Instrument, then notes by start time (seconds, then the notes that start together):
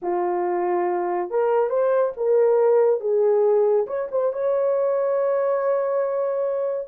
horn
0.02 F4
1.30 A#4
1.69 C5
2.16 A#4
3.00 G#4
3.86 C#5
4.11 C5
4.32 C#5